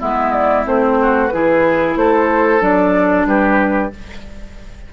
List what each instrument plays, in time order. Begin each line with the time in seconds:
0.00 bassoon G#3, clarinet B3, oboe E4, flute E5
0.33 flute D5
0.65 bassoon A3, clarinet C4, flute C5
1.02 oboe F#4
1.28 bassoon E3, clarinet E4, oboe G#4, flute B4
1.96 bassoon A3, oboe A4, flute C5
2.60 bassoon F#3, clarinet D4, flute D5
3.25 bassoon G3, oboe G4, flute B4